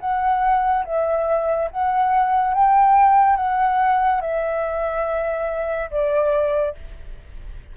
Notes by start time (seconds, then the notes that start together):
0.00 F#5
0.85 E5
1.71 F#5
2.54 G5
3.36 F#5
4.21 E5
5.91 D5